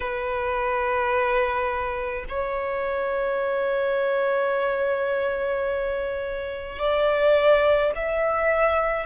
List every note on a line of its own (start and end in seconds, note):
0.00 2.24 B4
2.28 6.79 C#5
6.79 7.92 D5
7.95 9.06 E5